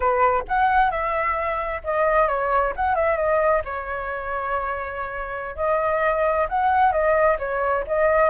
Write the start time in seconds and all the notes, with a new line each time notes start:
0.00 B4
0.48 F#5
0.90 E5
1.83 D#5
2.27 C#5
2.76 F#5
2.95 E5
3.17 D#5
3.64 C#5
5.56 D#5
6.49 F#5
6.92 D#5
7.38 C#5
7.87 D#5